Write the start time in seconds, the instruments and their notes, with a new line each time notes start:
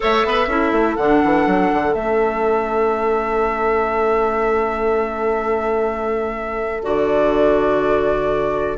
0.00 bassoon A3, clarinet A4, oboe C#5, flute E5
0.24 bassoon B3, oboe B4
0.47 bassoon C#4, clarinet E4, oboe A4
0.72 bassoon A3
0.96 bassoon D3, clarinet D4, flute F#5
1.24 bassoon E3
1.46 bassoon F#3
1.73 bassoon D3
1.93 bassoon A3, clarinet C#4, flute E5
6.83 bassoon D3, clarinet F#4, flute D5